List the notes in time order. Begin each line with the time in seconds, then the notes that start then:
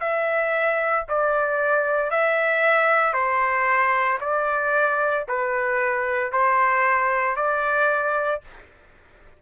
0.00 E5
1.09 D5
2.11 E5
3.13 C5
4.21 D5
5.28 B4
6.32 C5
7.36 D5